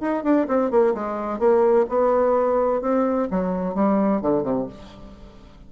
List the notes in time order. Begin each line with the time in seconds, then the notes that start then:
0.00 D#4
0.23 D4
0.48 C4
0.71 A#3
0.94 G#3
1.39 A#3
1.89 B3
2.81 C4
3.31 F#3
3.75 G3
4.21 D3
4.43 C3